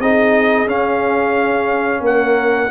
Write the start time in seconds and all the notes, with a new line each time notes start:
0.00 C4 D#4 G#4 D#5
0.67 C#4 F5
2.01 A#3 A#4 F#5